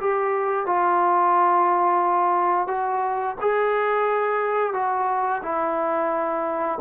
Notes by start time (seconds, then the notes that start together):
0.00 G4
0.66 F4
2.67 F#4
3.41 G#4
4.73 F#4
5.42 E4